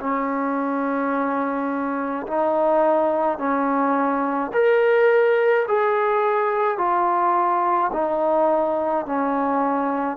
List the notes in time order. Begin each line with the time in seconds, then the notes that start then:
0.00 C#4
2.26 D#4
3.38 C#4
4.53 A#4
5.68 G#4
6.77 F4
7.92 D#4
9.06 C#4